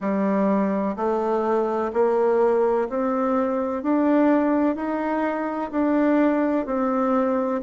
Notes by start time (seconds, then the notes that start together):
0.00 G3
0.96 A3
1.93 A#3
2.89 C4
3.83 D4
4.75 D#4
5.71 D4
6.65 C4